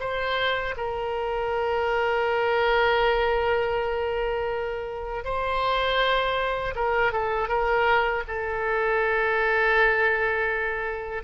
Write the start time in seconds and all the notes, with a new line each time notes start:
0.00 C5
0.77 A#4
5.24 C5
6.75 A#4
7.12 A4
7.48 A#4
8.27 A4